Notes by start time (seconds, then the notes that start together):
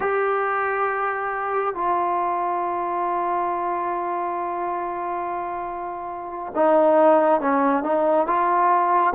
0.00 G4
1.74 F4
6.55 D#4
7.41 C#4
7.83 D#4
8.26 F4